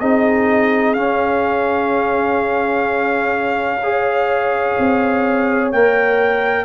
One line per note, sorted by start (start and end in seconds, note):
0.00 0.96 C4
0.00 0.95 D#4
0.00 3.82 G#4
0.00 0.94 D#5
0.94 3.81 C#4
0.94 4.77 C#4
0.94 5.70 F5
3.83 5.73 G#4
3.83 6.65 C#5
4.79 5.72 C4
5.72 6.65 A#3
5.72 6.65 A#4
5.72 6.65 G5